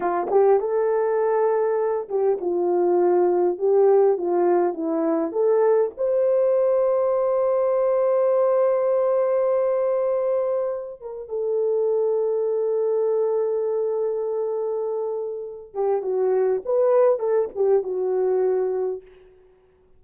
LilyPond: \new Staff \with { instrumentName = "horn" } { \time 4/4 \tempo 4 = 101 f'8 g'8 a'2~ a'8 g'8 | f'2 g'4 f'4 | e'4 a'4 c''2~ | c''1~ |
c''2~ c''8 ais'8 a'4~ | a'1~ | a'2~ a'8 g'8 fis'4 | b'4 a'8 g'8 fis'2 | }